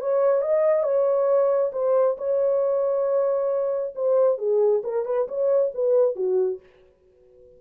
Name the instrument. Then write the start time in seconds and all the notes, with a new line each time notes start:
horn
0.00 C#5
0.41 D#5
0.83 C#5
1.72 C5
2.17 C#5
3.95 C5
4.38 G#4
4.83 A#4
5.05 B4
5.27 C#5
5.74 B4
6.15 F#4